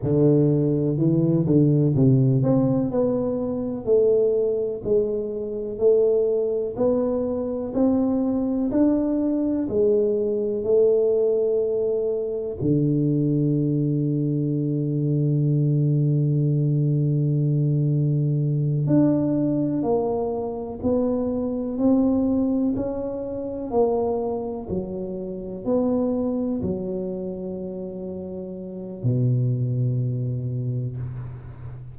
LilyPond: \new Staff \with { instrumentName = "tuba" } { \time 4/4 \tempo 4 = 62 d4 e8 d8 c8 c'8 b4 | a4 gis4 a4 b4 | c'4 d'4 gis4 a4~ | a4 d2.~ |
d2.~ d8 d'8~ | d'8 ais4 b4 c'4 cis'8~ | cis'8 ais4 fis4 b4 fis8~ | fis2 b,2 | }